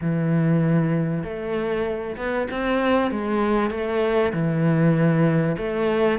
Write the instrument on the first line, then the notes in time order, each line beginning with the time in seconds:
cello
0.01 E3
1.23 A3
2.16 B3
2.51 C4
3.11 G#3
3.70 A3
4.32 E3
5.57 A3